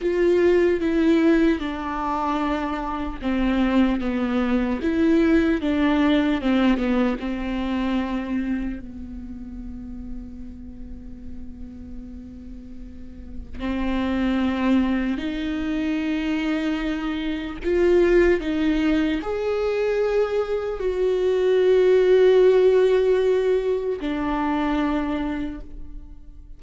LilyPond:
\new Staff \with { instrumentName = "viola" } { \time 4/4 \tempo 4 = 75 f'4 e'4 d'2 | c'4 b4 e'4 d'4 | c'8 b8 c'2 b4~ | b1~ |
b4 c'2 dis'4~ | dis'2 f'4 dis'4 | gis'2 fis'2~ | fis'2 d'2 | }